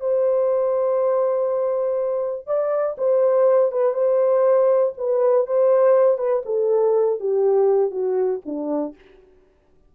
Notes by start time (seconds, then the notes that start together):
0.00 C5
2.46 D5
2.98 C5
3.72 B4
3.94 C5
4.97 B4
5.46 C5
6.17 B4
6.45 A4
7.19 G4
7.91 F#4
8.45 D4